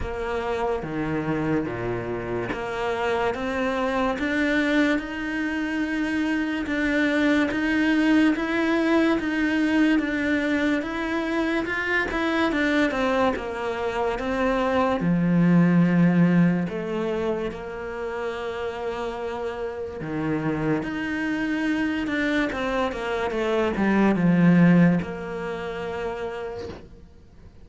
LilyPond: \new Staff \with { instrumentName = "cello" } { \time 4/4 \tempo 4 = 72 ais4 dis4 ais,4 ais4 | c'4 d'4 dis'2 | d'4 dis'4 e'4 dis'4 | d'4 e'4 f'8 e'8 d'8 c'8 |
ais4 c'4 f2 | a4 ais2. | dis4 dis'4. d'8 c'8 ais8 | a8 g8 f4 ais2 | }